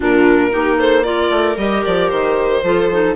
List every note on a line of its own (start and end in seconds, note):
0.00 0.53 A#2
0.00 0.50 D4
0.00 0.51 F4
0.00 0.79 A#4
0.50 1.29 A#3
0.50 1.03 D#4
0.50 0.78 G4
0.78 1.04 A4
0.78 1.03 C5
1.03 1.56 F4
1.03 2.63 A#4
1.03 1.56 D5
1.29 1.56 A3
1.56 1.83 G3
1.56 2.63 G4
1.56 1.83 D#5
1.84 2.12 F3
1.84 2.09 D5
2.09 2.62 D#3
2.09 3.14 C5
2.62 3.15 F3
2.62 2.90 F4
2.62 3.15 A4
2.91 3.15 D#4